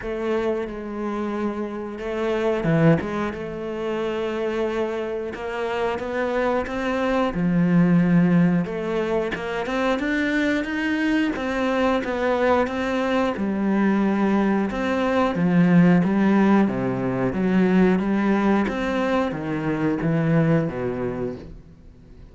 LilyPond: \new Staff \with { instrumentName = "cello" } { \time 4/4 \tempo 4 = 90 a4 gis2 a4 | e8 gis8 a2. | ais4 b4 c'4 f4~ | f4 a4 ais8 c'8 d'4 |
dis'4 c'4 b4 c'4 | g2 c'4 f4 | g4 c4 fis4 g4 | c'4 dis4 e4 b,4 | }